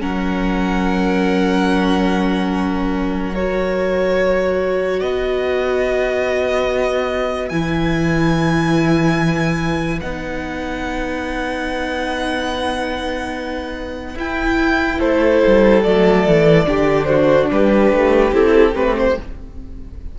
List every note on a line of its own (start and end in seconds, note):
0.00 5.01 F#3
0.00 3.33 C#4
0.00 4.99 A#4
0.00 3.34 F#5
3.34 7.51 F#4
3.34 5.00 C#5
4.99 7.51 B3
4.99 14.99 B4
4.99 7.49 D#5
7.49 10.01 E3
7.49 10.01 E4
7.49 9.99 G#5
10.01 14.15 B3
10.01 14.17 D#4
10.01 14.17 F#5
14.15 14.98 E4
14.15 15.84 E4
14.15 14.99 G5
14.99 15.43 A3
14.99 16.66 A4
14.99 15.83 C5
15.47 15.85 G3
15.83 16.27 F#3
15.83 16.66 A3
15.83 17.05 D5
16.27 16.67 E3
16.66 17.50 D3
16.66 18.33 D4
16.66 17.09 G4
17.05 17.51 F#4
17.05 17.46 C5
17.51 17.92 G3
17.51 19.19 G4
17.51 18.34 B4
17.92 18.32 A3
18.32 18.74 C4
18.32 18.73 E4
18.32 18.75 A4
18.73 19.17 A3
18.73 19.15 C4
18.73 18.96 B4
18.98 19.19 C5